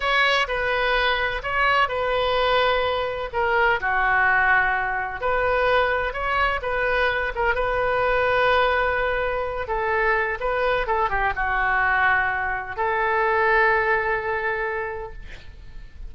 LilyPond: \new Staff \with { instrumentName = "oboe" } { \time 4/4 \tempo 4 = 127 cis''4 b'2 cis''4 | b'2. ais'4 | fis'2. b'4~ | b'4 cis''4 b'4. ais'8 |
b'1~ | b'8 a'4. b'4 a'8 g'8 | fis'2. a'4~ | a'1 | }